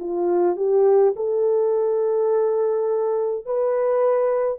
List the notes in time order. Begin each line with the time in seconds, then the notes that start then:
0.00 F4
0.57 G4
1.16 A4
3.46 B4